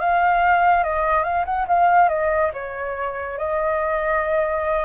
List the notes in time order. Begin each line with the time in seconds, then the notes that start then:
0.00 F5
0.84 D#5
1.24 F5
1.45 F#5
1.68 F5
2.09 D#5
2.54 C#5
3.38 D#5